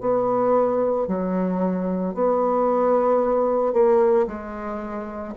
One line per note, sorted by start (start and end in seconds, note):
0.00 1.07 B3
1.07 2.14 F#3
2.14 3.73 B3
3.73 4.27 A#3
4.27 5.34 G#3